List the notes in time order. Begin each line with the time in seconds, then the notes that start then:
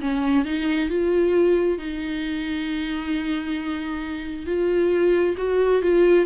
0.00 C#4
0.45 D#4
0.89 F4
1.78 D#4
4.46 F4
5.37 F#4
5.82 F4